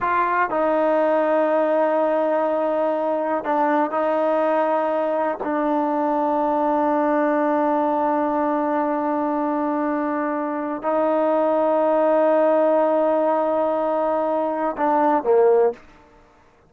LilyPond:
\new Staff \with { instrumentName = "trombone" } { \time 4/4 \tempo 4 = 122 f'4 dis'2.~ | dis'2. d'4 | dis'2. d'4~ | d'1~ |
d'1~ | d'2 dis'2~ | dis'1~ | dis'2 d'4 ais4 | }